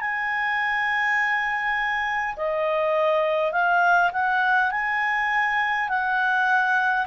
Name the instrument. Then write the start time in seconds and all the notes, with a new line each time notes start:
clarinet
0.00 G#5
2.36 D#5
3.52 F5
4.12 F#5
4.71 G#5
5.89 F#5